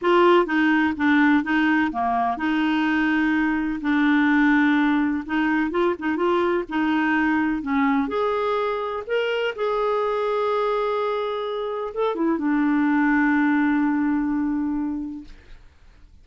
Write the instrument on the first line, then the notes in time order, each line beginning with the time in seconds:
clarinet
0.01 F4
0.46 D#4
0.97 D4
1.43 D#4
1.91 A#3
2.37 D#4
3.81 D4
5.25 D#4
5.71 F4
5.98 D#4
6.16 F4
6.69 D#4
7.61 C#4
8.08 G#4
9.06 A#4
9.55 G#4
11.94 A4
12.15 E4
12.38 D4